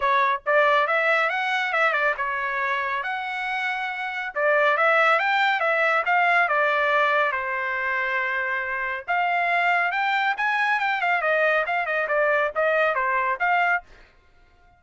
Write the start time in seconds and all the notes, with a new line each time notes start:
0.00 C#5
0.45 D5
0.87 E5
1.29 F#5
1.72 E5
1.92 D5
2.17 C#5
3.03 F#5
4.34 D5
4.77 E5
5.19 G5
5.60 E5
6.05 F5
6.48 D5
7.32 C5
9.07 F5
9.91 G5
10.37 G#5
10.79 G5
11.01 F5
11.21 D#5
11.66 F5
11.85 D#5
12.07 D5
12.55 D#5
12.94 C5
13.39 F5